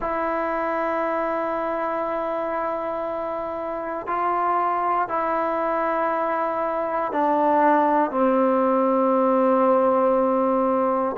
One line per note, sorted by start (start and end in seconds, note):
0.00 4.06 E4
4.06 5.08 F4
5.08 7.11 E4
7.11 8.11 D4
8.11 11.16 C4